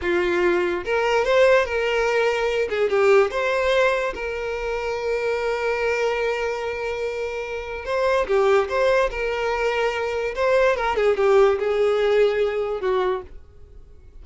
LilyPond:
\new Staff \with { instrumentName = "violin" } { \time 4/4 \tempo 4 = 145 f'2 ais'4 c''4 | ais'2~ ais'8 gis'8 g'4 | c''2 ais'2~ | ais'1~ |
ais'2. c''4 | g'4 c''4 ais'2~ | ais'4 c''4 ais'8 gis'8 g'4 | gis'2. fis'4 | }